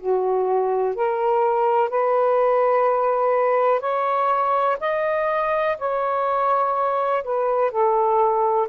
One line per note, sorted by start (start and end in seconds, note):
0.00 0.95 F#4
0.95 1.90 A#4
1.90 3.80 B4
3.80 4.77 C#5
4.81 5.78 D#5
5.78 7.24 C#5
7.24 7.71 B4
7.71 8.68 A4